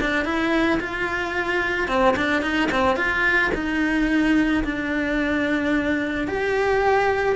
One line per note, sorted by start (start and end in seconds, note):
0.00 0.24 D4
0.24 0.79 E4
0.80 1.88 F4
1.88 2.15 C4
2.16 2.41 D4
2.41 2.69 D#4
2.71 2.96 C4
2.96 3.51 F4
3.54 4.63 D#4
4.63 6.27 D4
6.28 7.35 G4